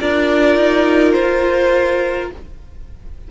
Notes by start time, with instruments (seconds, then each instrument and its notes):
0.00 cello D4, viola F4, violin A#4 D5
0.56 cello D#4
1.12 cello F4, violin C5